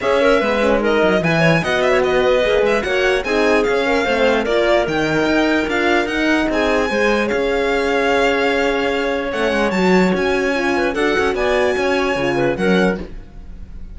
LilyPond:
<<
  \new Staff \with { instrumentName = "violin" } { \time 4/4 \tempo 4 = 148 e''2 dis''4 gis''4 | fis''8 e''8 dis''4. e''8 fis''4 | gis''4 f''2 d''4 | g''2 f''4 fis''4 |
gis''2 f''2~ | f''2. fis''4 | a''4 gis''2 fis''4 | gis''2. fis''4 | }
  \new Staff \with { instrumentName = "clarinet" } { \time 4/4 gis'8 ais'8 b'4 ais'4 b'8 cis''8 | dis''8. cis''16 b'2 cis''4 | gis'4. ais'8 c''4 ais'4~ | ais'1 |
gis'4 c''4 cis''2~ | cis''1~ | cis''2~ cis''8 b'8 a'4 | d''4 cis''4. b'8 ais'4 | }
  \new Staff \with { instrumentName = "horn" } { \time 4/4 cis'4 b8 cis'8 dis'4 e'4 | fis'2 gis'4 fis'4 | dis'4 cis'4 c'4 f'4 | dis'2 f'4 dis'4~ |
dis'4 gis'2.~ | gis'2. cis'4 | fis'2 f'4 fis'4~ | fis'2 f'4 cis'4 | }
  \new Staff \with { instrumentName = "cello" } { \time 4/4 cis'4 gis4. fis8 e4 | b2 ais8 gis8 ais4 | c'4 cis'4 a4 ais4 | dis4 dis'4 d'4 dis'4 |
c'4 gis4 cis'2~ | cis'2. a8 gis8 | fis4 cis'2 d'8 cis'8 | b4 cis'4 cis4 fis4 | }
>>